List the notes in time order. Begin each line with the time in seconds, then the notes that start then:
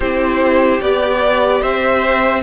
0.00 C4 E4 G4 C5
0.80 B3 G4 D5
1.60 C4 C5 E5